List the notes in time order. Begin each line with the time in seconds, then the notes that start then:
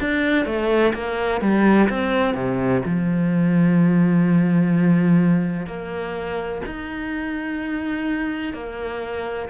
0.00 D4
0.46 A3
0.94 A#3
1.42 G3
1.89 C4
2.35 C3
2.86 F3
5.67 A#3
6.66 D#4
8.54 A#3